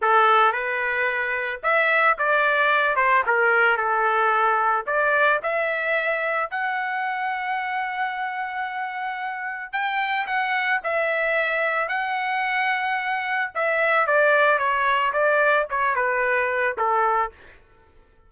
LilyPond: \new Staff \with { instrumentName = "trumpet" } { \time 4/4 \tempo 4 = 111 a'4 b'2 e''4 | d''4. c''8 ais'4 a'4~ | a'4 d''4 e''2 | fis''1~ |
fis''2 g''4 fis''4 | e''2 fis''2~ | fis''4 e''4 d''4 cis''4 | d''4 cis''8 b'4. a'4 | }